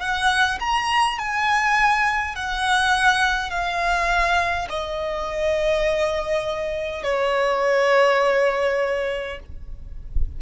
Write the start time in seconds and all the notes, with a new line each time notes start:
0.00 F#5
0.60 A#5
1.19 G#5
2.36 F#5
3.51 F5
4.70 D#5
7.04 C#5